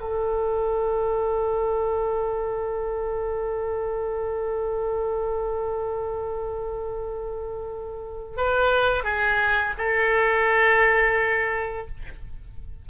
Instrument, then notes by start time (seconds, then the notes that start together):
oboe
0.00 A4
8.37 B4
9.03 G#4
9.78 A4